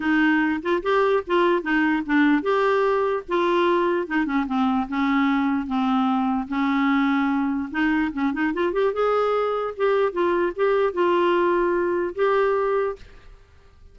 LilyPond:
\new Staff \with { instrumentName = "clarinet" } { \time 4/4 \tempo 4 = 148 dis'4. f'8 g'4 f'4 | dis'4 d'4 g'2 | f'2 dis'8 cis'8 c'4 | cis'2 c'2 |
cis'2. dis'4 | cis'8 dis'8 f'8 g'8 gis'2 | g'4 f'4 g'4 f'4~ | f'2 g'2 | }